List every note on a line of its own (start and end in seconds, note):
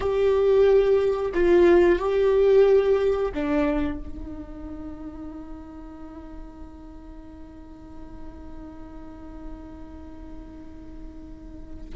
0.00 1.32 G4
1.34 1.98 F4
1.98 3.32 G4
3.34 3.98 D4
3.98 11.95 D#4